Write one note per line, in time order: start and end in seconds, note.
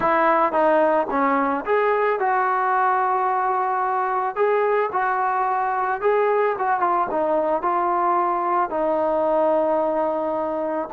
0.00 0.52 E4
0.52 1.06 D#4
1.10 1.64 C#4
1.65 2.19 G#4
2.19 4.35 F#4
4.35 4.90 G#4
4.92 6.01 F#4
6.01 6.56 G#4
6.58 6.79 F#4
6.79 7.07 F4
7.11 7.62 D#4
7.62 8.70 F4
8.70 10.88 D#4